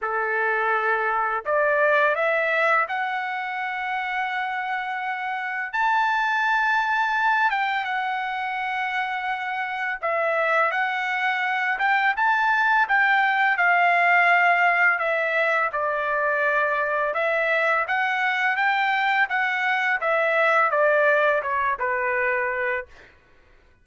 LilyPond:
\new Staff \with { instrumentName = "trumpet" } { \time 4/4 \tempo 4 = 84 a'2 d''4 e''4 | fis''1 | a''2~ a''8 g''8 fis''4~ | fis''2 e''4 fis''4~ |
fis''8 g''8 a''4 g''4 f''4~ | f''4 e''4 d''2 | e''4 fis''4 g''4 fis''4 | e''4 d''4 cis''8 b'4. | }